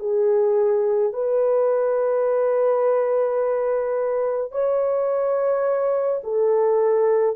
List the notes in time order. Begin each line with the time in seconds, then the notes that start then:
0.00 G#4
1.13 B4
4.52 C#5
6.24 A4